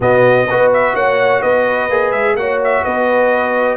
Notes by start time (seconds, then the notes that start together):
0.00 B2 B3 F#4 D#5
0.48 B3 F#4 B4
0.73 E5
0.94 A#3 C#5 F#5
1.41 B3 B4 D#5
1.89 A#3 G#4
2.11 G#3 E5
2.34 A#3 F#4 C#5 F#5
2.64 E5
2.83 B3 B4 D#5